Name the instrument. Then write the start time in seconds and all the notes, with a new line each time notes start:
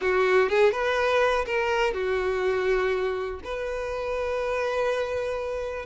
violin
0.01 F#4
0.49 G#4
0.71 B4
1.45 A#4
1.93 F#4
3.44 B4